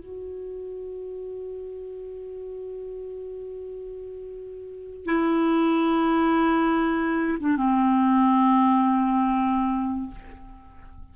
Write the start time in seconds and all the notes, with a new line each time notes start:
0.00 F#4
5.06 E4
7.40 D4
7.57 C4